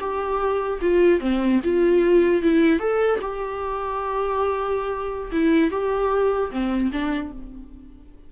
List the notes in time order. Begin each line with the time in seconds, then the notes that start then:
0.00 G4
0.81 F4
1.21 C4
1.64 F4
2.42 E4
2.79 A4
3.21 G4
5.32 E4
5.71 G4
6.51 C4
6.92 D4